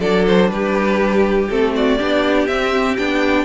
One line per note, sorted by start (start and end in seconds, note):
0.00 0.50 F#3
0.00 1.48 D4
0.00 0.49 A4
0.00 0.25 D5
0.27 0.50 C5
0.50 1.48 G3
0.50 1.75 G4
0.50 1.48 B4
1.49 2.00 A3
1.49 1.99 C4
1.49 1.74 A4
1.75 1.98 F#4
1.75 2.47 D5
1.98 2.47 B3
1.98 2.48 D4
1.98 3.45 G4
2.47 2.97 C4
2.47 2.98 C4
2.47 2.96 E5
2.97 3.45 B3
2.97 3.45 D4
2.97 3.45 G5